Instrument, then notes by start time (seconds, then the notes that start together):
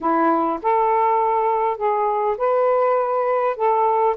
saxophone
0.00 E4
0.62 A4
1.77 G#4
2.37 B4
3.56 A4